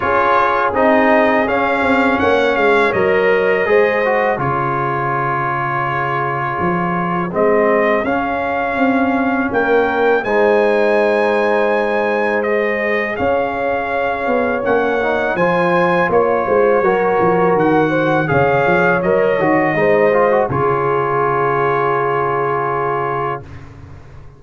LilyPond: <<
  \new Staff \with { instrumentName = "trumpet" } { \time 4/4 \tempo 4 = 82 cis''4 dis''4 f''4 fis''8 f''8 | dis''2 cis''2~ | cis''2 dis''4 f''4~ | f''4 g''4 gis''2~ |
gis''4 dis''4 f''2 | fis''4 gis''4 cis''2 | fis''4 f''4 dis''2 | cis''1 | }
  \new Staff \with { instrumentName = "horn" } { \time 4/4 gis'2. cis''4~ | cis''4 c''4 gis'2~ | gis'1~ | gis'4 ais'4 c''2~ |
c''2 cis''2~ | cis''4 c''4 cis''8 c''8 ais'4~ | ais'8 c''8 cis''2 c''4 | gis'1 | }
  \new Staff \with { instrumentName = "trombone" } { \time 4/4 f'4 dis'4 cis'2 | ais'4 gis'8 fis'8 f'2~ | f'2 c'4 cis'4~ | cis'2 dis'2~ |
dis'4 gis'2. | cis'8 dis'8 f'2 fis'4~ | fis'4 gis'4 ais'8 fis'8 dis'8 f'16 fis'16 | f'1 | }
  \new Staff \with { instrumentName = "tuba" } { \time 4/4 cis'4 c'4 cis'8 c'8 ais8 gis8 | fis4 gis4 cis2~ | cis4 f4 gis4 cis'4 | c'4 ais4 gis2~ |
gis2 cis'4. b8 | ais4 f4 ais8 gis8 fis8 f8 | dis4 cis8 f8 fis8 dis8 gis4 | cis1 | }
>>